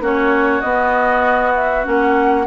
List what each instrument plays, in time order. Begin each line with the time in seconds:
0.00 bassoon A#3, clarinet C#4, oboe F#4, flute C#5
0.61 bassoon B3, clarinet B3, flute D#5
1.55 flute E5
1.83 bassoon A#3, clarinet C#4, flute F#5